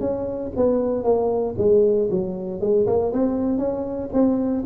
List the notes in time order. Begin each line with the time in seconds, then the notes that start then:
0.00 C#4
0.56 B3
1.04 A#3
1.58 G#3
2.10 F#3
2.61 G#3
2.87 A#3
3.13 C4
3.58 C#4
4.13 C4